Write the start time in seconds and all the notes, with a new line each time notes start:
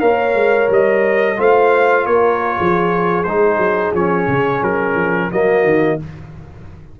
0.00 A#3 A#4 C#5 F5
0.34 G#3
0.69 G3 D#5
1.37 A3 F4 C5 F5
2.06 A#3 A#4 C#5
2.57 F3 G#4
3.23 G#3 D#4 C5
3.57 F#3
3.93 F3 C#4 C#5
4.27 C#3
4.62 F#3 A#4
4.95 F3
5.30 F#3 A#3 F#4 D#5
5.63 D#3